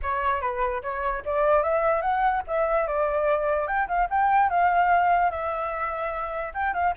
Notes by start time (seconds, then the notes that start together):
0.02 C#5
0.41 B4
0.82 C#5
1.25 D5
1.63 E5
2.01 F#5
2.47 E5
2.87 D5
3.67 G5
3.88 F5
4.09 G5
4.49 F5
5.31 E5
6.54 G5
6.73 F5